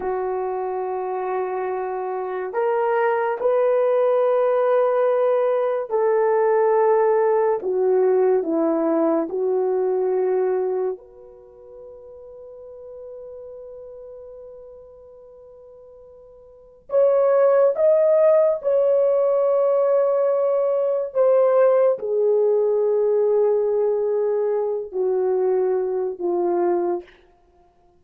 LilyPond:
\new Staff \with { instrumentName = "horn" } { \time 4/4 \tempo 4 = 71 fis'2. ais'4 | b'2. a'4~ | a'4 fis'4 e'4 fis'4~ | fis'4 b'2.~ |
b'1 | cis''4 dis''4 cis''2~ | cis''4 c''4 gis'2~ | gis'4. fis'4. f'4 | }